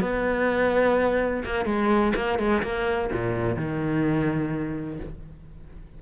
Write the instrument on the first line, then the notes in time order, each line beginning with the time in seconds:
cello
0.00 B3
1.45 A#3
1.65 G#3
2.16 A#3
2.38 G#3
2.63 A#3
3.12 A#2
3.56 D#3